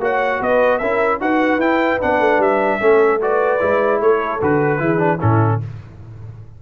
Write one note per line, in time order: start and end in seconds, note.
0.00 0.40 A#3
0.00 0.81 F#4
0.00 0.40 C#5
0.00 0.43 F#5
0.40 0.81 B3
0.40 0.79 B4
0.40 0.78 D#5
0.78 1.20 C#4
0.78 1.21 E4
0.78 1.19 A#4
0.78 1.18 E5
1.20 1.58 D#4
1.20 1.61 F#4
1.20 2.82 B4
1.20 1.61 F#5
1.58 1.98 E4
1.58 2.01 E4
1.58 2.01 G5
2.01 2.20 B3
2.01 2.80 D4
2.01 2.42 F#5
2.20 2.39 A3
2.39 2.79 G3
2.39 3.22 E5
2.80 3.61 A3
2.80 3.20 C#4
2.80 3.22 A4
3.22 3.60 F#4
3.22 4.01 B4
3.22 4.02 D5
3.60 4.01 G#3
3.60 4.40 E4
4.01 4.41 A3
4.01 4.81 A4
4.01 4.42 C#5
4.42 4.81 D3
4.42 4.79 F#4
4.42 5.21 B4
4.79 5.21 E3
4.79 4.98 E4
4.79 5.18 G#4
4.98 5.18 D4
5.18 5.62 A2
5.18 5.61 C#4
5.18 5.58 E4
5.18 5.61 A4